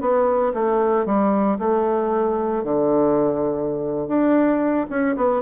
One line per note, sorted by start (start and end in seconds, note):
0.00 0.53 B3
0.54 1.05 A3
1.05 1.58 G3
1.58 2.63 A3
2.63 4.07 D3
4.07 4.86 D4
4.89 5.16 C#4
5.16 5.42 B3